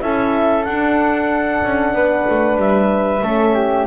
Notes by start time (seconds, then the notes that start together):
0.00 C#4 E4 A4 E5
0.64 D4 F#5
1.64 C#4
1.94 B3 B4
2.29 A3
2.57 G3 E5
3.23 A3 C#4 A4
3.54 G4